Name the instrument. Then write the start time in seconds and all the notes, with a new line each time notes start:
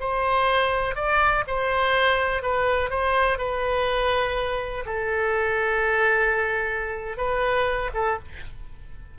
oboe
0.00 C5
0.95 D5
1.47 C5
2.42 B4
2.90 C5
3.38 B4
4.86 A4
7.17 B4
7.94 A4